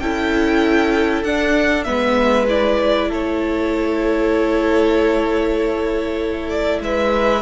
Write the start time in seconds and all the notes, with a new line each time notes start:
0.00 C#4 E4 A4 G5
1.23 D4 F#5
1.84 G#3 B3 B4 E5
2.48 E4 D5
3.09 A3 A4 C#5
6.49 D5
6.81 G#3 B4 E5